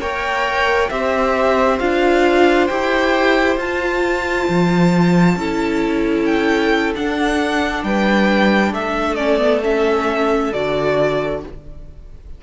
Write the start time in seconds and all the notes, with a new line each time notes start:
0.00 A#3 A#4 C#5 G5
0.90 C4 G4 C5 E5
1.79 D4 F4 F5
2.67 E4 G4 G5
3.57 F4 A5
4.49 F3
5.36 C#4 E4 A4
6.25 G5
6.95 D4 F#5
7.83 G3 B4 G5
8.72 A3 A4 E5
9.15 C#4 D5
9.37 B3
9.63 C#4 E5
10.53 D3 F#4 D5